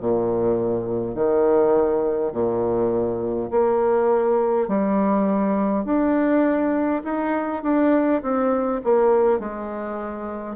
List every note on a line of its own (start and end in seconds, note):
0.00 1.15 A#2
1.15 2.33 D#3
2.33 3.50 A#2
3.51 4.68 A#3
4.68 5.85 G3
5.85 7.03 D4
7.04 7.63 D#4
7.63 8.22 D4
8.22 8.81 C4
8.84 9.40 A#3
9.40 10.56 G#3